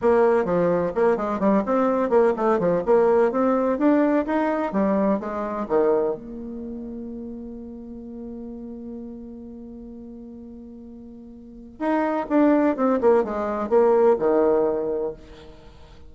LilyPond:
\new Staff \with { instrumentName = "bassoon" } { \time 4/4 \tempo 4 = 127 ais4 f4 ais8 gis8 g8 c'8~ | c'8 ais8 a8 f8 ais4 c'4 | d'4 dis'4 g4 gis4 | dis4 ais2.~ |
ais1~ | ais1~ | ais4 dis'4 d'4 c'8 ais8 | gis4 ais4 dis2 | }